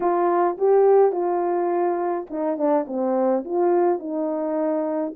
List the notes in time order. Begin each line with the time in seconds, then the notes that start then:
0.00 F4
0.57 G4
1.11 F4
2.30 D#4
2.57 D4
2.87 C4
3.44 F4
3.99 D#4